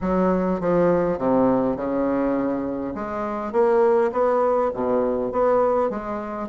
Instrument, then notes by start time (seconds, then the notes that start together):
bassoon
0.01 F#3
0.60 F3
1.18 C3
1.76 C#3
2.94 G#3
3.52 A#3
4.11 B3
4.74 B2
5.32 B3
5.90 G#3